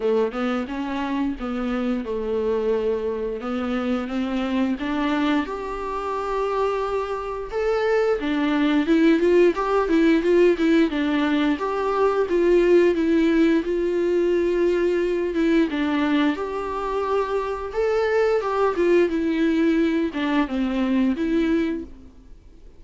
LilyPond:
\new Staff \with { instrumentName = "viola" } { \time 4/4 \tempo 4 = 88 a8 b8 cis'4 b4 a4~ | a4 b4 c'4 d'4 | g'2. a'4 | d'4 e'8 f'8 g'8 e'8 f'8 e'8 |
d'4 g'4 f'4 e'4 | f'2~ f'8 e'8 d'4 | g'2 a'4 g'8 f'8 | e'4. d'8 c'4 e'4 | }